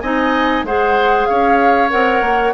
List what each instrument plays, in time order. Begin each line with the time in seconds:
0.00 bassoon C4, clarinet D#4, oboe D#5, flute G#5
0.63 bassoon G#3, clarinet G#4, oboe C5, flute F#5
1.26 bassoon C#4, oboe C#5, flute F5
1.90 bassoon C4, clarinet A#4, flute F#5
2.21 bassoon A#3